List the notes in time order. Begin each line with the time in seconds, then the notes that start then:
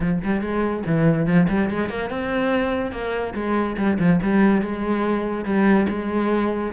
0.00 F3
0.23 G3
0.41 G#3
0.85 E3
1.26 F3
1.48 G3
1.69 G#3
1.89 A#3
2.10 C4
2.91 A#3
3.34 G#3
3.77 G3
3.99 F3
4.22 G3
4.61 G#3
5.45 G3
5.88 G#3